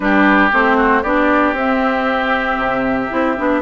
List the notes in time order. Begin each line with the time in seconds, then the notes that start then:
0.00 G3 D4 G4 B4
0.52 A3 C4 C5
0.77 F#4
1.02 B3 D4 G4 D5
1.53 C4 E5
2.57 C3
3.09 C4 E4
3.36 B3 D4